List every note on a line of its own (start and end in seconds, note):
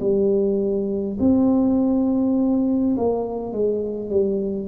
0.00 1.18 G3
1.20 2.96 C4
2.97 3.53 A#3
3.53 4.10 G#3
4.10 4.68 G3